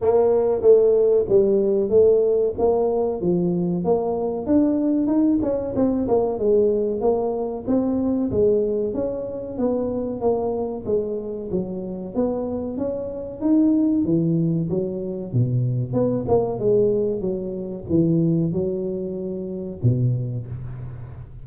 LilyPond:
\new Staff \with { instrumentName = "tuba" } { \time 4/4 \tempo 4 = 94 ais4 a4 g4 a4 | ais4 f4 ais4 d'4 | dis'8 cis'8 c'8 ais8 gis4 ais4 | c'4 gis4 cis'4 b4 |
ais4 gis4 fis4 b4 | cis'4 dis'4 e4 fis4 | b,4 b8 ais8 gis4 fis4 | e4 fis2 b,4 | }